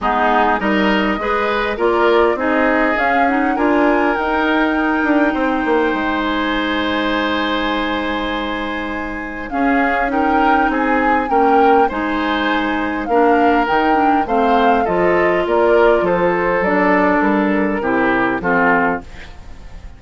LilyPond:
<<
  \new Staff \with { instrumentName = "flute" } { \time 4/4 \tempo 4 = 101 gis'4 dis''2 d''4 | dis''4 f''8 fis''8 gis''4 g''4~ | g''2~ g''8 gis''4.~ | gis''1 |
f''4 g''4 gis''4 g''4 | gis''2 f''4 g''4 | f''4 dis''4 d''4 c''4 | d''4 ais'2 a'4 | }
  \new Staff \with { instrumentName = "oboe" } { \time 4/4 dis'4 ais'4 b'4 ais'4 | gis'2 ais'2~ | ais'4 c''2.~ | c''1 |
gis'4 ais'4 gis'4 ais'4 | c''2 ais'2 | c''4 a'4 ais'4 a'4~ | a'2 g'4 f'4 | }
  \new Staff \with { instrumentName = "clarinet" } { \time 4/4 b4 dis'4 gis'4 f'4 | dis'4 cis'8 dis'8 f'4 dis'4~ | dis'1~ | dis'1 |
cis'4 dis'2 cis'4 | dis'2 d'4 dis'8 d'8 | c'4 f'2. | d'2 e'4 c'4 | }
  \new Staff \with { instrumentName = "bassoon" } { \time 4/4 gis4 g4 gis4 ais4 | c'4 cis'4 d'4 dis'4~ | dis'8 d'8 c'8 ais8 gis2~ | gis1 |
cis'2 c'4 ais4 | gis2 ais4 dis4 | a4 f4 ais4 f4 | fis4 g4 c4 f4 | }
>>